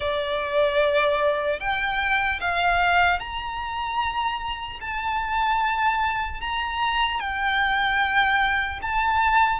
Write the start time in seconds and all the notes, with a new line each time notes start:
0.00 D5
1.60 G5
2.40 F5
3.19 A#5
4.80 A5
6.40 A#5
7.20 G5
8.81 A5